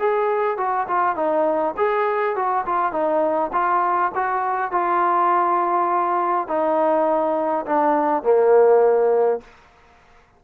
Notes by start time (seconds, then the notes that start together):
0.00 G#4
0.58 F#4
0.88 F4
1.16 D#4
1.78 G#4
2.36 F#4
2.66 F4
2.93 D#4
3.53 F4
4.15 F#4
4.72 F4
6.48 D#4
7.66 D4
8.24 A#3